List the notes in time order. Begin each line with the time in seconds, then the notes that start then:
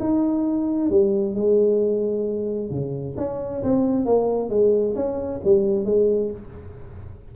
0.00 D#4
0.90 G3
1.36 G#3
2.70 C#3
3.18 C#4
3.63 C4
4.06 A#3
4.50 G#3
4.96 C#4
5.45 G3
5.86 G#3